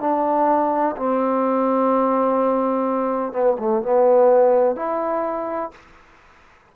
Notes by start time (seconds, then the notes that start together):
0.00 D4
0.96 C4
3.32 B3
3.58 A3
3.82 B3
4.76 E4